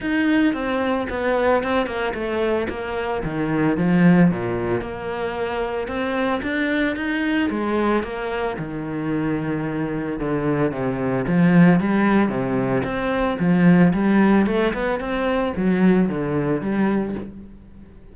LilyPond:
\new Staff \with { instrumentName = "cello" } { \time 4/4 \tempo 4 = 112 dis'4 c'4 b4 c'8 ais8 | a4 ais4 dis4 f4 | ais,4 ais2 c'4 | d'4 dis'4 gis4 ais4 |
dis2. d4 | c4 f4 g4 c4 | c'4 f4 g4 a8 b8 | c'4 fis4 d4 g4 | }